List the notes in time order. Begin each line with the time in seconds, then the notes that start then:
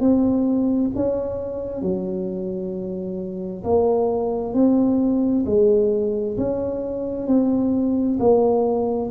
0.00 C4
0.95 C#4
1.81 F#3
3.64 A#3
4.54 C4
5.46 G#3
6.37 C#4
7.27 C4
8.19 A#3